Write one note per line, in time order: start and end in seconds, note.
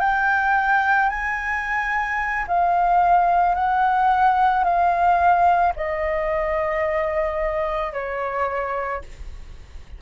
0.00 1.09 G5
1.10 2.46 G#5
2.47 3.55 F5
3.55 4.64 F#5
4.64 5.73 F5
5.76 7.93 D#5
7.93 9.02 C#5